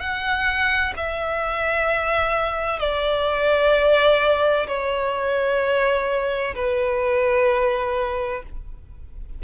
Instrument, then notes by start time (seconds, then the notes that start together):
violin
0.00 F#5
0.97 E5
2.80 D5
4.67 C#5
6.55 B4